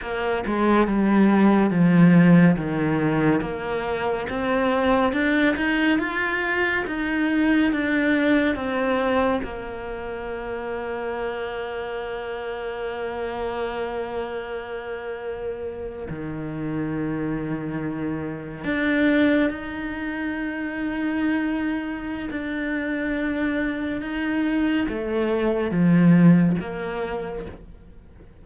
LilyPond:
\new Staff \with { instrumentName = "cello" } { \time 4/4 \tempo 4 = 70 ais8 gis8 g4 f4 dis4 | ais4 c'4 d'8 dis'8 f'4 | dis'4 d'4 c'4 ais4~ | ais1~ |
ais2~ ais8. dis4~ dis16~ | dis4.~ dis16 d'4 dis'4~ dis'16~ | dis'2 d'2 | dis'4 a4 f4 ais4 | }